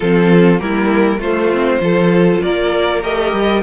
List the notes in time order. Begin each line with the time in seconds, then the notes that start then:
0.00 F3 C4 F4 A4
0.59 G3 A#3 E4 A#4
1.17 A3 F4 C5
1.53 C4
1.80 F3 F4 A4
2.42 A#3 A#4 D5
3.03 A3 G4 D#5
3.32 G3